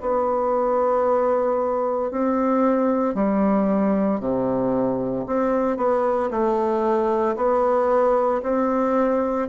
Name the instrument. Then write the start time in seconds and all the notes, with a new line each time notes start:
bassoon
0.00 B3
2.11 C4
3.14 G3
4.20 C3
5.26 C4
5.77 B3
6.31 A3
7.36 B3
8.43 C4